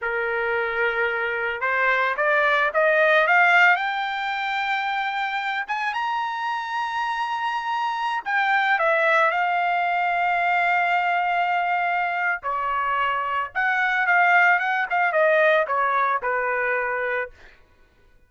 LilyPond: \new Staff \with { instrumentName = "trumpet" } { \time 4/4 \tempo 4 = 111 ais'2. c''4 | d''4 dis''4 f''4 g''4~ | g''2~ g''8 gis''8 ais''4~ | ais''2.~ ais''16 g''8.~ |
g''16 e''4 f''2~ f''8.~ | f''2. cis''4~ | cis''4 fis''4 f''4 fis''8 f''8 | dis''4 cis''4 b'2 | }